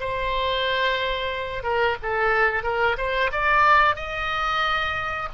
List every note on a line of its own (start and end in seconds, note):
0.00 1.63 C5
1.63 1.96 A#4
2.02 2.63 A4
2.63 2.96 A#4
2.97 3.31 C5
3.32 3.95 D5
3.95 5.29 D#5